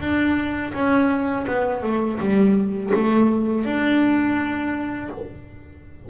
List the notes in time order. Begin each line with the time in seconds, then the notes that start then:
0.00 D4
0.73 C#4
1.47 B3
1.82 A3
2.19 G3
2.94 A3
3.65 D4